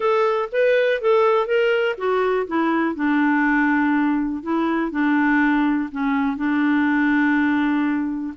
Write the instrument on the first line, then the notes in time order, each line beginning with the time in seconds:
clarinet
0.00 A4
0.51 B4
1.01 A4
1.46 A#4
1.97 F#4
2.47 E4
2.95 D4
4.42 E4
4.91 D4
5.91 C#4
6.36 D4